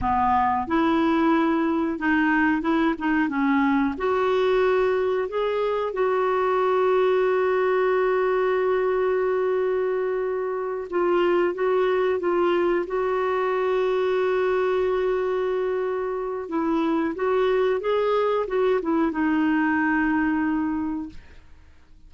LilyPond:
\new Staff \with { instrumentName = "clarinet" } { \time 4/4 \tempo 4 = 91 b4 e'2 dis'4 | e'8 dis'8 cis'4 fis'2 | gis'4 fis'2.~ | fis'1~ |
fis'8 f'4 fis'4 f'4 fis'8~ | fis'1~ | fis'4 e'4 fis'4 gis'4 | fis'8 e'8 dis'2. | }